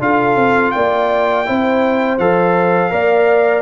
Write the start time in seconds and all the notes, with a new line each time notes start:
0.00 D4 F4 A4 F5
0.36 C4
0.72 A#3 D5 G5
1.46 C4 E4 C5
2.19 F3 A4 F5
2.90 A#3 A#4 D5